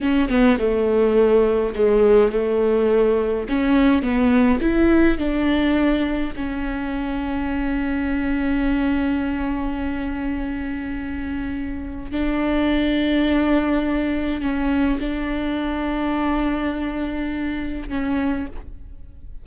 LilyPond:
\new Staff \with { instrumentName = "viola" } { \time 4/4 \tempo 4 = 104 cis'8 b8 a2 gis4 | a2 cis'4 b4 | e'4 d'2 cis'4~ | cis'1~ |
cis'1~ | cis'4 d'2.~ | d'4 cis'4 d'2~ | d'2. cis'4 | }